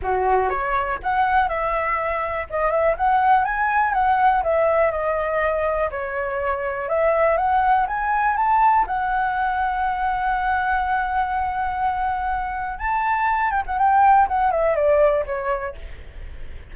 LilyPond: \new Staff \with { instrumentName = "flute" } { \time 4/4 \tempo 4 = 122 fis'4 cis''4 fis''4 e''4~ | e''4 dis''8 e''8 fis''4 gis''4 | fis''4 e''4 dis''2 | cis''2 e''4 fis''4 |
gis''4 a''4 fis''2~ | fis''1~ | fis''2 a''4. g''16 fis''16 | g''4 fis''8 e''8 d''4 cis''4 | }